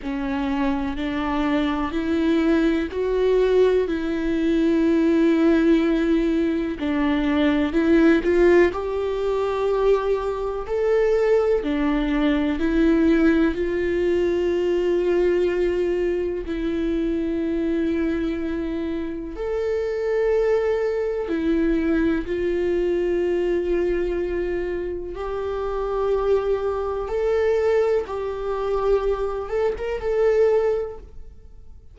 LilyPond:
\new Staff \with { instrumentName = "viola" } { \time 4/4 \tempo 4 = 62 cis'4 d'4 e'4 fis'4 | e'2. d'4 | e'8 f'8 g'2 a'4 | d'4 e'4 f'2~ |
f'4 e'2. | a'2 e'4 f'4~ | f'2 g'2 | a'4 g'4. a'16 ais'16 a'4 | }